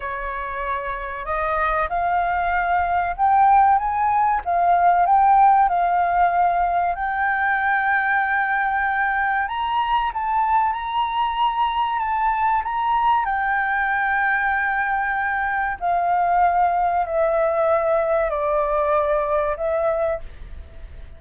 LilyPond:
\new Staff \with { instrumentName = "flute" } { \time 4/4 \tempo 4 = 95 cis''2 dis''4 f''4~ | f''4 g''4 gis''4 f''4 | g''4 f''2 g''4~ | g''2. ais''4 |
a''4 ais''2 a''4 | ais''4 g''2.~ | g''4 f''2 e''4~ | e''4 d''2 e''4 | }